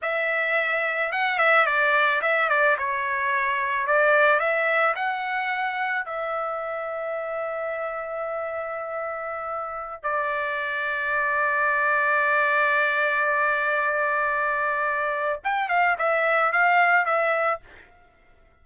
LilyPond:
\new Staff \with { instrumentName = "trumpet" } { \time 4/4 \tempo 4 = 109 e''2 fis''8 e''8 d''4 | e''8 d''8 cis''2 d''4 | e''4 fis''2 e''4~ | e''1~ |
e''2~ e''16 d''4.~ d''16~ | d''1~ | d''1 | g''8 f''8 e''4 f''4 e''4 | }